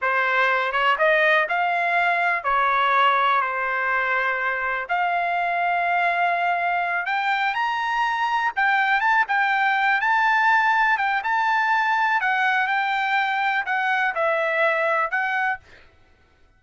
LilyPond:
\new Staff \with { instrumentName = "trumpet" } { \time 4/4 \tempo 4 = 123 c''4. cis''8 dis''4 f''4~ | f''4 cis''2 c''4~ | c''2 f''2~ | f''2~ f''8 g''4 ais''8~ |
ais''4. g''4 a''8 g''4~ | g''8 a''2 g''8 a''4~ | a''4 fis''4 g''2 | fis''4 e''2 fis''4 | }